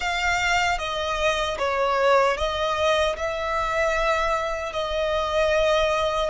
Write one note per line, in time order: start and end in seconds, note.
0.00 0.78 F5
0.78 1.57 D#5
1.58 2.37 C#5
2.37 3.16 D#5
3.16 4.72 E5
4.72 6.30 D#5